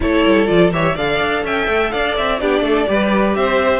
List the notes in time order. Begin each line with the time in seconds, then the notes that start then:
0.00 A3 E4 A4 C#5
0.25 G3
0.46 F3 F4 D5
0.71 E3 G4 C#5 E5
0.95 D3 A4 D5 F5
1.20 D4
1.43 C#4 E5 G5
1.67 A3
1.91 D4 D5 F5
2.16 C4 E5
2.39 B3 D4 G4 D5
2.60 A3 A4
2.87 G3 G4 B4
3.35 C4 C5 E5